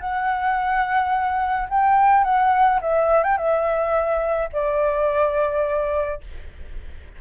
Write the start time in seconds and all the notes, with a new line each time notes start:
0.00 F#5
1.69 G5
2.24 F#5
2.81 E5
3.23 G5
3.37 E5
4.53 D5